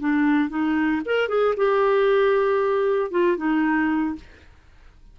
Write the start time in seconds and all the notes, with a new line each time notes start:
0.00 D4
0.49 D#4
1.05 A#4
1.28 G#4
1.56 G4
3.11 F4
3.37 D#4